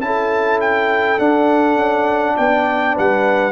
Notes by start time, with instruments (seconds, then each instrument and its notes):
0.00 tuba C#4, trombone E4, horn A4, trumpet A5
0.60 trumpet G5
1.18 tuba D4, trombone D4, trumpet F#5
1.75 tuba C#4
2.35 tuba B3, horn D5, trumpet G5
2.94 tuba G3, horn B4, trumpet F#5